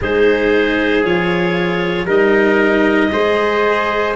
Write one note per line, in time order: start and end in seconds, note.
0.01 1.04 G#3
0.01 1.03 D#4
0.01 2.06 G#4
0.01 1.04 C5
1.03 2.05 F3
1.03 2.06 F4
1.03 2.07 C#5
2.05 3.08 G3
2.05 3.10 D#4
2.05 3.09 A#4
2.05 4.14 D#5
3.11 4.16 G#3
3.11 4.15 G#4
3.11 4.16 C5